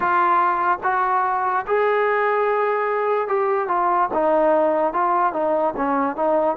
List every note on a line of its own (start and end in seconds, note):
0.00 0.78 F4
0.83 1.65 F#4
1.67 3.28 G#4
3.28 3.68 G4
3.68 4.09 F4
4.13 4.93 D#4
4.93 5.32 F4
5.32 5.73 D#4
5.76 6.15 C#4
6.15 6.56 D#4